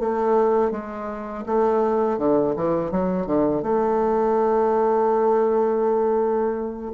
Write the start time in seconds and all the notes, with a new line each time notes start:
0.00 A3
0.72 G#3
1.46 A3
2.19 D3
2.57 E3
2.92 F#3
3.27 D3
3.63 A3